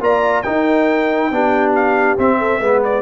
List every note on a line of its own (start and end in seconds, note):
0.00 0.43 A#3
0.00 0.43 F4
0.00 0.44 D5
0.00 0.42 A#5
0.42 1.32 D#4
0.42 1.31 D#4
0.42 1.30 A#4
0.42 1.72 G5
1.31 2.17 B3
1.31 2.17 D4
1.31 2.37 G4
1.75 2.18 F5
2.17 2.60 C4
2.17 2.83 E5
2.37 2.59 A4
2.59 3.02 G#3
2.59 3.02 B3
2.59 3.02 B4
2.84 3.02 D5